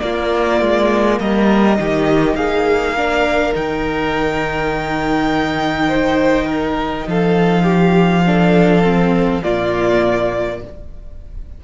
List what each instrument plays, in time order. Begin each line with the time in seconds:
0.00 viola A#3, cello A#3, violin F4 D5
0.61 cello G#3
1.20 cello G3, violin A#4 D#5
1.78 cello D#3, viola D#4, violin G4
2.35 cello A#3, violin G#4 F5
2.96 viola D4, violin A#4
3.53 cello D#3, viola D#4, violin G5
5.88 violin C5
6.47 violin A#4
7.07 cello F3, violin A4 F5
7.63 violin G4
8.26 viola D4, violin A4
8.83 viola C4
9.43 cello A#2, viola A#3, violin F4 D5